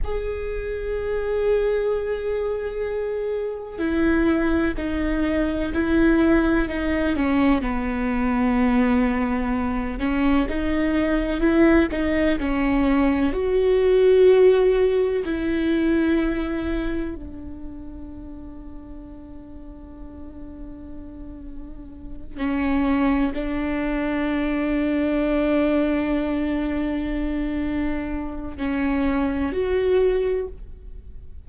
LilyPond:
\new Staff \with { instrumentName = "viola" } { \time 4/4 \tempo 4 = 63 gis'1 | e'4 dis'4 e'4 dis'8 cis'8 | b2~ b8 cis'8 dis'4 | e'8 dis'8 cis'4 fis'2 |
e'2 d'2~ | d'2.~ d'8 cis'8~ | cis'8 d'2.~ d'8~ | d'2 cis'4 fis'4 | }